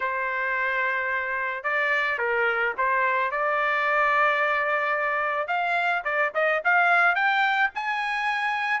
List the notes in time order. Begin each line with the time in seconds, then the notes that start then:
0.00 C5
1.63 D5
2.18 A#4
2.77 C5
3.31 D5
5.47 F5
6.04 D5
6.34 D#5
6.64 F5
7.15 G5
7.74 G#5